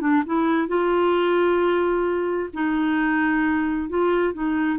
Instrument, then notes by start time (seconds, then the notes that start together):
clarinet
0.00 D4
0.25 E4
0.68 F4
2.53 D#4
3.89 F4
4.33 D#4